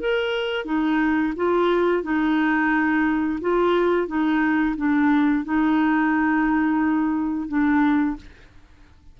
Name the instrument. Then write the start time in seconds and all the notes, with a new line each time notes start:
clarinet
0.00 A#4
0.65 D#4
1.36 F4
2.03 D#4
3.41 F4
4.07 D#4
4.77 D4
5.45 D#4
7.48 D4